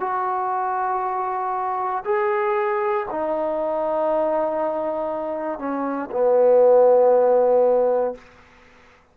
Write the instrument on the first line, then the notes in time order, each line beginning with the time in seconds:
trombone
0.00 F#4
2.05 G#4
3.11 D#4
5.58 C#4
6.11 B3